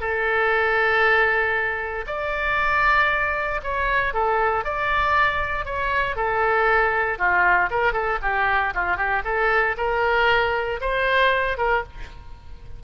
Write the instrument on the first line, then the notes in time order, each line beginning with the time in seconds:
oboe
0.00 A4
2.07 D5
3.63 C#5
4.13 A4
4.64 D5
5.65 C#5
6.16 A4
7.18 F4
7.70 A#4
7.93 A4
8.22 G4
8.74 F4
8.97 G4
9.24 A4
9.77 A#4
10.81 C5
11.58 A#4